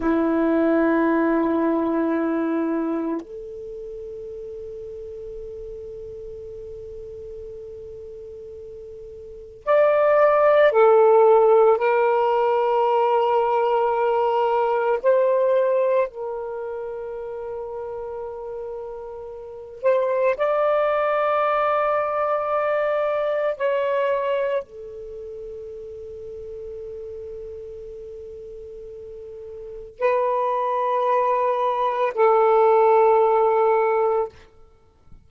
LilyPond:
\new Staff \with { instrumentName = "saxophone" } { \time 4/4 \tempo 4 = 56 e'2. a'4~ | a'1~ | a'4 d''4 a'4 ais'4~ | ais'2 c''4 ais'4~ |
ais'2~ ais'8 c''8 d''4~ | d''2 cis''4 a'4~ | a'1 | b'2 a'2 | }